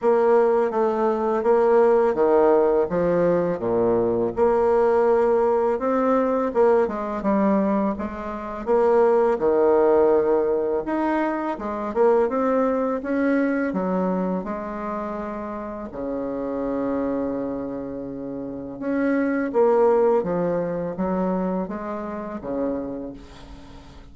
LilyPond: \new Staff \with { instrumentName = "bassoon" } { \time 4/4 \tempo 4 = 83 ais4 a4 ais4 dis4 | f4 ais,4 ais2 | c'4 ais8 gis8 g4 gis4 | ais4 dis2 dis'4 |
gis8 ais8 c'4 cis'4 fis4 | gis2 cis2~ | cis2 cis'4 ais4 | f4 fis4 gis4 cis4 | }